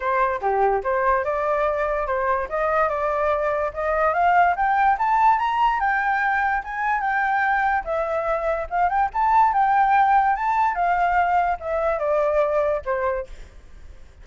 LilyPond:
\new Staff \with { instrumentName = "flute" } { \time 4/4 \tempo 4 = 145 c''4 g'4 c''4 d''4~ | d''4 c''4 dis''4 d''4~ | d''4 dis''4 f''4 g''4 | a''4 ais''4 g''2 |
gis''4 g''2 e''4~ | e''4 f''8 g''8 a''4 g''4~ | g''4 a''4 f''2 | e''4 d''2 c''4 | }